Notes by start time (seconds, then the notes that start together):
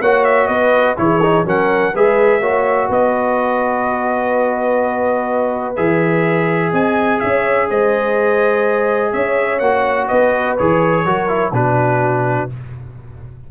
0.00 A#3 F#4 C#5 F#5
0.24 E5
0.47 B3 B4 D#5
0.96 E3 E4 G#4 C#5
1.22 D#4
1.45 F#3 C#4 A#4 F#5
1.93 G#3 G#4 B4 E5
2.40 A#3 F#4 C#5
2.89 B3 B4 D#5
5.75 E3 G#4 E5
6.71 C4 D#5 G#5
7.20 C#4 C#5 E5
7.69 G#3 C5 D#5
9.12 C#4 C#5 E5
9.59 A#3 F#4 F#5
10.07 B3 B4 D#5
10.57 E3 G#4 C#5
11.04 F#3 F#4 A#4
11.28 E4
11.52 B2 D4 F#4 B4